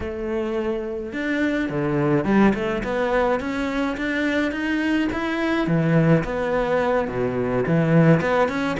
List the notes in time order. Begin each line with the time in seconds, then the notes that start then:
0.00 A3
1.12 D4
1.69 D3
2.25 G3
2.54 A3
2.83 B3
3.40 C#4
3.97 D4
4.51 D#4
5.12 E4
5.67 E3
6.23 B3
7.08 B2
7.66 E3
8.20 B3
8.48 C#4